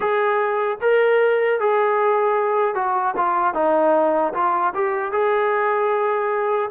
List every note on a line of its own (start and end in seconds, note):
0.00 0.78 G#4
0.81 1.60 A#4
1.60 2.74 G#4
2.74 3.14 F#4
3.16 3.54 F4
3.54 4.33 D#4
4.33 4.73 F4
4.74 5.12 G4
5.12 6.70 G#4